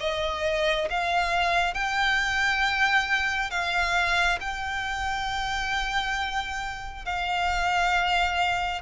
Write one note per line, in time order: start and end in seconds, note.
0.00 0.88 D#5
0.90 1.74 F5
1.74 3.50 G5
3.50 4.38 F5
4.40 7.05 G5
7.05 8.81 F5